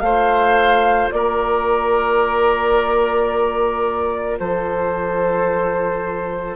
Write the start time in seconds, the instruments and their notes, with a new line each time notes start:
0.00 bassoon A3, clarinet F4, oboe C5, flute F5
1.11 bassoon A#3, oboe A#4, flute D5
4.39 bassoon F3, oboe A4, flute C5